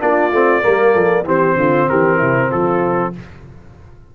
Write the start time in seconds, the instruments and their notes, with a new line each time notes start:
0.00 tuba A#3, trombone D4, horn F4, trumpet D5
0.32 tuba A3, trombone C4
0.62 tuba G3, trombone A#3, horn A#4
0.94 tuba F3, horn A4
1.24 tuba E3, trombone C4, horn G4, trumpet C5
1.56 tuba D3, horn F4
1.89 tuba E3, horn G4, trumpet A#4
2.18 tuba C3, horn E4
2.50 tuba F3, horn F4, trumpet A4